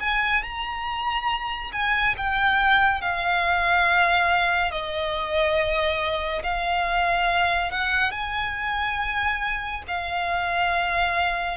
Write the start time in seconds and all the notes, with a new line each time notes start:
0.00 G#5
0.42 A#5
1.72 G#5
2.17 G5
3.01 F5
4.71 D#5
6.43 F5
7.71 F#5
8.11 G#5
9.87 F5